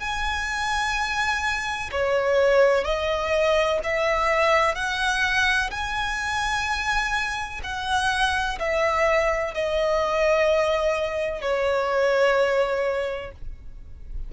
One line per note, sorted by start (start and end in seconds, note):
0.00 1.90 G#5
1.92 2.84 C#5
2.84 3.80 D#5
3.84 4.75 E5
4.75 5.71 F#5
5.71 7.61 G#5
7.64 8.59 F#5
8.59 9.55 E5
9.55 11.42 D#5
11.42 13.32 C#5